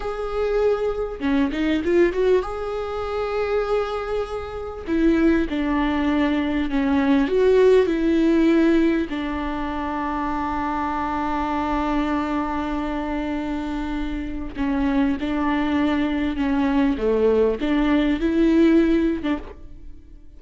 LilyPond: \new Staff \with { instrumentName = "viola" } { \time 4/4 \tempo 4 = 99 gis'2 cis'8 dis'8 f'8 fis'8 | gis'1 | e'4 d'2 cis'4 | fis'4 e'2 d'4~ |
d'1~ | d'1 | cis'4 d'2 cis'4 | a4 d'4 e'4.~ e'16 d'16 | }